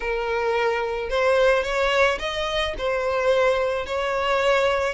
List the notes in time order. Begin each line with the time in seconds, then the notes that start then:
0.00 A#4
1.09 C5
1.63 C#5
2.19 D#5
2.78 C5
3.85 C#5